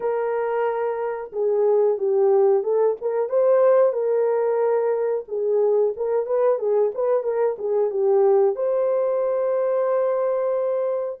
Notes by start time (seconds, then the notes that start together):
0.00 A#4
1.32 G#4
1.98 G4
2.63 A4
3.01 A#4
3.29 C5
3.92 A#4
5.27 G#4
5.96 A#4
6.26 B4
6.58 G#4
6.94 B4
7.23 A#4
7.58 G#4
7.90 G4
8.55 C5